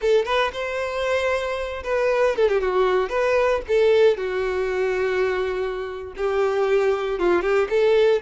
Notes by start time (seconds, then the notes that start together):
0.01 A4
0.25 B4
0.52 C5
1.83 B4
2.36 A4
2.48 G4
2.60 F#4
3.09 B4
3.68 A4
4.17 F#4
6.16 G4
7.19 F4
7.42 G4
7.69 A4